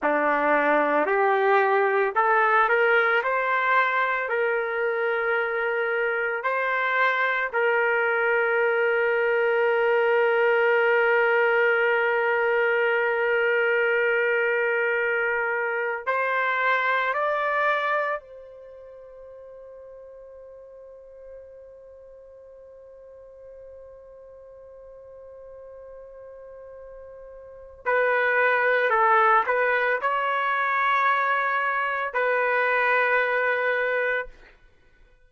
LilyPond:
\new Staff \with { instrumentName = "trumpet" } { \time 4/4 \tempo 4 = 56 d'4 g'4 a'8 ais'8 c''4 | ais'2 c''4 ais'4~ | ais'1~ | ais'2. c''4 |
d''4 c''2.~ | c''1~ | c''2 b'4 a'8 b'8 | cis''2 b'2 | }